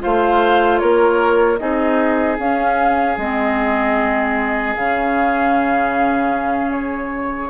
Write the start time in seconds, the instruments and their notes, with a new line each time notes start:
0.00 bassoon A3, clarinet F4, oboe C5, flute F5
0.79 bassoon A#3, oboe A#4, flute C#5
1.58 bassoon C4, clarinet D#4, oboe G#4, flute D#5
2.39 bassoon C#4, clarinet C#4, flute F5
3.18 bassoon G#3, clarinet C4, flute D#5
4.76 bassoon C#3, clarinet C#4, flute F5
6.72 flute C#5